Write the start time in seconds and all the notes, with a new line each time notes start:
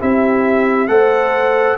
0.00 C4 E4 G4 E5
0.87 A3 A4 C5 F#5